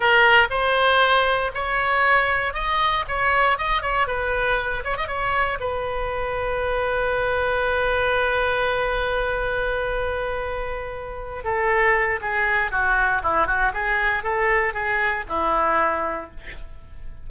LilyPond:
\new Staff \with { instrumentName = "oboe" } { \time 4/4 \tempo 4 = 118 ais'4 c''2 cis''4~ | cis''4 dis''4 cis''4 dis''8 cis''8 | b'4. cis''16 dis''16 cis''4 b'4~ | b'1~ |
b'1~ | b'2~ b'8 a'4. | gis'4 fis'4 e'8 fis'8 gis'4 | a'4 gis'4 e'2 | }